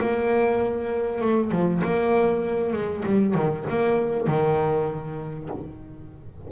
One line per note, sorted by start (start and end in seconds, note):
0.00 1.21 A#3
1.21 1.51 A3
1.51 1.82 F3
1.84 2.73 A#3
2.73 3.04 G#3
3.05 3.34 G3
3.34 3.65 D#3
3.69 4.27 A#3
4.27 5.49 D#3